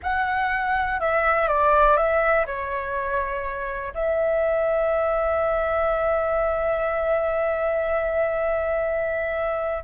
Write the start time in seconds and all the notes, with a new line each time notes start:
0.02 F#5
1.00 E5
1.48 D5
1.96 E5
2.45 C#5
3.93 E5